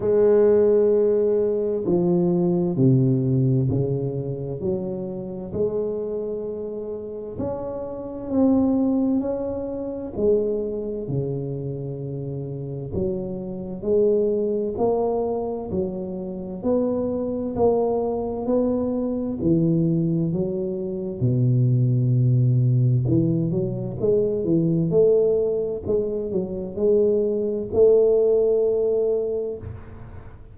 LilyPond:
\new Staff \with { instrumentName = "tuba" } { \time 4/4 \tempo 4 = 65 gis2 f4 c4 | cis4 fis4 gis2 | cis'4 c'4 cis'4 gis4 | cis2 fis4 gis4 |
ais4 fis4 b4 ais4 | b4 e4 fis4 b,4~ | b,4 e8 fis8 gis8 e8 a4 | gis8 fis8 gis4 a2 | }